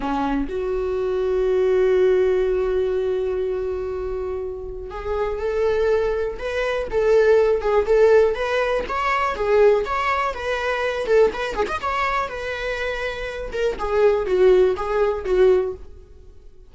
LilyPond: \new Staff \with { instrumentName = "viola" } { \time 4/4 \tempo 4 = 122 cis'4 fis'2.~ | fis'1~ | fis'2 gis'4 a'4~ | a'4 b'4 a'4. gis'8 |
a'4 b'4 cis''4 gis'4 | cis''4 b'4. a'8 b'8 gis'16 dis''16 | cis''4 b'2~ b'8 ais'8 | gis'4 fis'4 gis'4 fis'4 | }